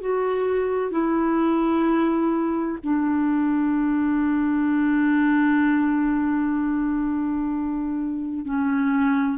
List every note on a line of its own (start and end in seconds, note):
0.00 0.91 F#4
0.91 2.78 E4
2.83 8.45 D4
8.45 9.38 C#4